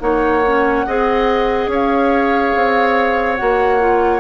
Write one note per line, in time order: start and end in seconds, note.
0.00 0.85 A#3
0.00 0.42 D#4
0.00 0.86 C#5
0.00 1.70 F#5
0.46 0.87 C#4
0.86 1.67 C4
0.86 3.38 G#4
0.86 1.71 D#5
1.67 2.51 C#4
1.67 4.20 C#5
1.73 3.36 F5
2.56 3.40 C4
3.36 4.20 A#3
3.36 3.80 F#4
3.36 4.20 F#5
3.80 4.20 F4